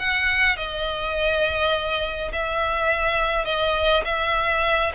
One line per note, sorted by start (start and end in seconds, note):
0.00 0.57 F#5
0.57 2.32 D#5
2.33 3.46 E5
3.46 4.04 D#5
4.05 4.92 E5